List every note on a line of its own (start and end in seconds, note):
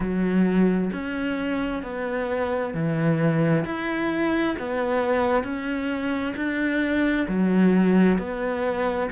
0.00 0.90 F#3
0.92 1.83 C#4
1.83 2.74 B3
2.74 3.64 E3
3.65 4.56 E4
4.59 5.43 B3
5.43 6.34 C#4
6.36 7.26 D4
7.27 8.18 F#3
8.18 9.09 B3